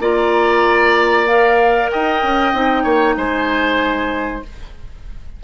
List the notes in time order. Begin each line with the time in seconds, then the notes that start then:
0.00 A#3 F4 D5 A#5
1.27 A#4 F5
1.91 D#4 D#5 G5
2.23 C#4
2.54 C4 D#4
2.84 A#3 C#5
3.16 G#3 C5 G#5